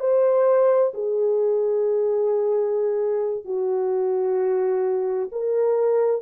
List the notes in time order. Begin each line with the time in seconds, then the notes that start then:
0.00 C5
0.94 G#4
3.45 F#4
5.32 A#4